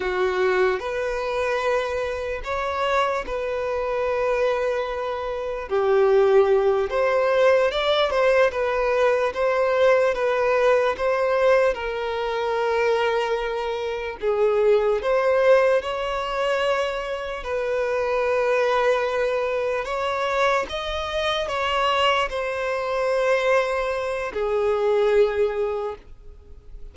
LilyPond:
\new Staff \with { instrumentName = "violin" } { \time 4/4 \tempo 4 = 74 fis'4 b'2 cis''4 | b'2. g'4~ | g'8 c''4 d''8 c''8 b'4 c''8~ | c''8 b'4 c''4 ais'4.~ |
ais'4. gis'4 c''4 cis''8~ | cis''4. b'2~ b'8~ | b'8 cis''4 dis''4 cis''4 c''8~ | c''2 gis'2 | }